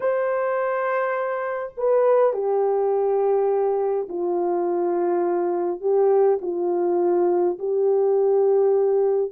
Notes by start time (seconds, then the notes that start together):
0.00 C5
1.77 B4
2.33 G4
4.09 F4
5.80 G4
6.41 F4
7.58 G4